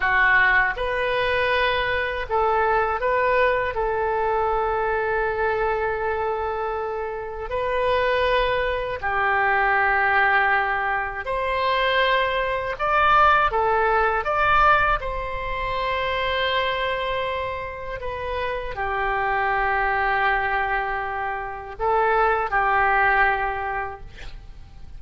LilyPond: \new Staff \with { instrumentName = "oboe" } { \time 4/4 \tempo 4 = 80 fis'4 b'2 a'4 | b'4 a'2.~ | a'2 b'2 | g'2. c''4~ |
c''4 d''4 a'4 d''4 | c''1 | b'4 g'2.~ | g'4 a'4 g'2 | }